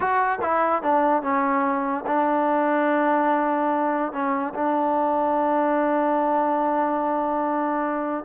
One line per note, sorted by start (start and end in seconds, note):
0.00 0.38 F#4
0.41 0.82 E4
0.82 1.22 D4
1.22 2.04 C#4
2.06 4.12 D4
4.12 4.53 C#4
4.54 8.24 D4